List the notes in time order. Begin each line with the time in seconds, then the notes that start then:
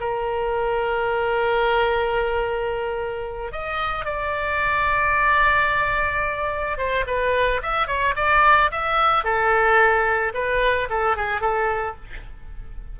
0.00 A#4
3.52 D#5
4.05 D5
6.78 C5
7.07 B4
7.62 E5
7.87 C#5
8.16 D5
8.71 E5
9.24 A4
10.34 B4
10.89 A4
11.16 G#4
11.40 A4